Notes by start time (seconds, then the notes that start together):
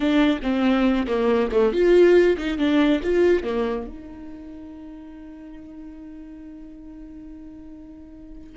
0.00 D4
0.42 C4
1.07 A#3
1.51 A3
1.72 F4
2.37 D#4
2.58 D4
3.03 F4
3.43 A#3
3.86 D#4